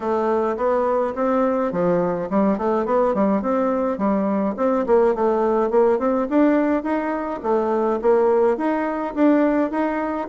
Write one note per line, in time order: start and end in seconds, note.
0.00 0.56 A3
0.56 1.14 B3
1.15 1.71 C4
1.71 2.29 F3
2.29 2.58 G3
2.58 2.85 A3
2.85 3.14 B3
3.14 3.42 G3
3.42 3.98 C4
3.98 4.55 G3
4.57 4.85 C4
4.86 5.14 A#3
5.14 5.70 A3
5.70 5.98 A#3
5.98 6.27 C4
6.29 6.83 D4
6.83 7.40 D#4
7.42 7.99 A3
8.01 8.57 A#3
8.57 9.14 D#4
9.15 9.70 D4
9.70 10.28 D#4